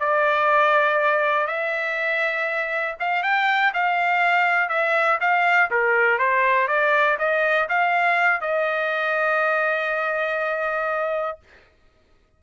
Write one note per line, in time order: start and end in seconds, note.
0.00 1.47 D5
1.47 2.96 E5
3.00 3.23 F5
3.23 3.73 G5
3.74 4.69 F5
4.69 5.19 E5
5.21 5.70 F5
5.71 6.19 A#4
6.19 6.68 C5
6.68 7.18 D5
7.19 7.69 D#5
7.69 8.41 F5
8.41 11.39 D#5